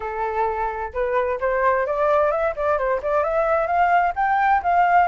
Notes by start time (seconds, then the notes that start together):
0.00 A4
0.93 B4
1.40 C5
1.86 D5
2.31 E5
2.56 D5
2.77 C5
3.02 D5
3.23 E5
3.66 F5
4.15 G5
4.62 F5